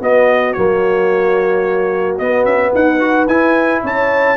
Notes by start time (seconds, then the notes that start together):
0.00 B3 F#4 D#5
0.53 F#3 A#3 C#5
2.18 B3 D#5
2.45 C#4 E5
2.75 D#4 B4 F#5
3.00 F#4
3.27 E4 G#5
3.82 C#4 C#5 A5